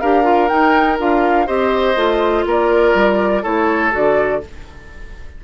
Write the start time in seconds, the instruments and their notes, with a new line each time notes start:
0.00 bassoon D4, clarinet G4, oboe A#4, flute F5
0.24 clarinet F4
0.49 clarinet D#4, bassoon D#4, flute G5
0.99 bassoon D4, clarinet F4, flute F5
1.47 bassoon C4, clarinet G4, oboe C5, flute D#5
1.96 bassoon A3, clarinet F4
2.45 bassoon A#3, oboe A#4, flute D5
2.95 bassoon G3
3.43 bassoon A3, clarinet E4, oboe A4, flute C#5
3.91 bassoon D3, clarinet F#4, flute D5